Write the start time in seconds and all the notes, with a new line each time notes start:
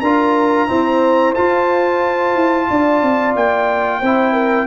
0.00 D4 F4 A#4 A#5
0.68 C4 E4 C5
1.34 F4 A5
2.35 E4
2.69 D4 D5
3.02 C4
3.35 A#3 G5
4.00 C4 E4 C5
4.32 A#4